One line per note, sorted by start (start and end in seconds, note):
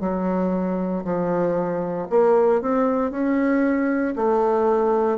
0.00 1.03 F#3
1.04 2.07 F3
2.10 2.61 A#3
2.61 3.11 C4
3.11 4.14 C#4
4.15 5.18 A3